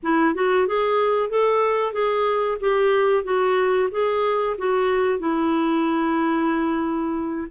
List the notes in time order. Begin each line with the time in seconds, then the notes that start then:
0.02 E4
0.34 F#4
0.67 G#4
1.29 A4
1.92 G#4
2.60 G4
3.24 F#4
3.91 G#4
4.58 F#4
5.19 E4